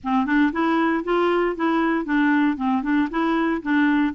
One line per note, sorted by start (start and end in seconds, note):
0.03 0.26 C4
0.26 0.52 D4
0.52 1.04 E4
1.04 1.55 F4
1.56 2.05 E4
2.05 2.57 D4
2.57 2.82 C4
2.82 3.08 D4
3.10 3.62 E4
3.62 4.14 D4